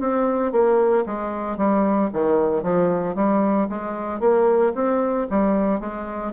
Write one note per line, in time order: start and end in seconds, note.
0.00 0.52 C4
0.52 1.04 A#3
1.06 1.57 G#3
1.57 2.10 G3
2.13 2.63 D#3
2.63 3.15 F3
3.15 3.68 G3
3.69 4.20 G#3
4.20 4.73 A#3
4.75 5.27 C4
5.30 5.80 G3
5.80 6.33 G#3